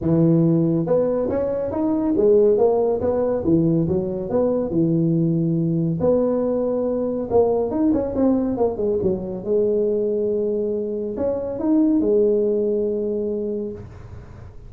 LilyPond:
\new Staff \with { instrumentName = "tuba" } { \time 4/4 \tempo 4 = 140 e2 b4 cis'4 | dis'4 gis4 ais4 b4 | e4 fis4 b4 e4~ | e2 b2~ |
b4 ais4 dis'8 cis'8 c'4 | ais8 gis8 fis4 gis2~ | gis2 cis'4 dis'4 | gis1 | }